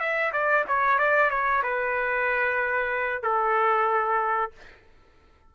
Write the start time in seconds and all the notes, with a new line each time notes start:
0.00 E5
0.33 D5
0.68 C#5
0.99 D5
1.30 C#5
1.64 B4
3.23 A4